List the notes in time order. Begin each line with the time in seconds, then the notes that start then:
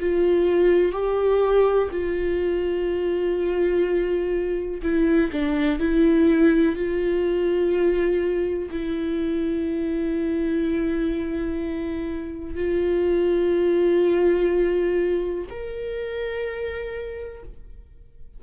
0.00 F4
0.93 G4
1.91 F4
4.83 E4
5.33 D4
5.80 E4
6.76 F4
8.71 E4
12.55 F4
15.50 A#4